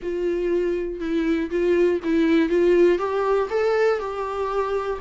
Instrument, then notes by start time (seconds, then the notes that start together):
viola
0.02 F4
1.00 E4
1.50 F4
2.04 E4
2.49 F4
2.98 G4
3.50 A4
3.99 G4